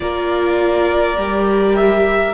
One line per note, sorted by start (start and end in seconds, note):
0.00 1.17 A#3
0.00 1.16 F4
0.00 2.34 A#4
0.00 1.75 D5
1.17 2.34 G3
1.17 2.34 G4
1.75 2.34 E5